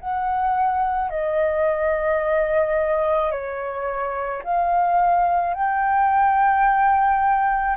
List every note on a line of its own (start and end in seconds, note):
0.00 1.11 F#5
1.11 3.32 D#5
3.32 4.43 C#5
4.44 5.55 F5
5.55 7.77 G5